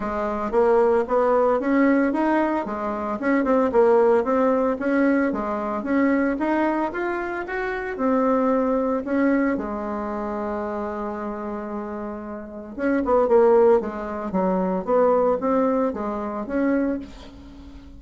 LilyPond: \new Staff \with { instrumentName = "bassoon" } { \time 4/4 \tempo 4 = 113 gis4 ais4 b4 cis'4 | dis'4 gis4 cis'8 c'8 ais4 | c'4 cis'4 gis4 cis'4 | dis'4 f'4 fis'4 c'4~ |
c'4 cis'4 gis2~ | gis1 | cis'8 b8 ais4 gis4 fis4 | b4 c'4 gis4 cis'4 | }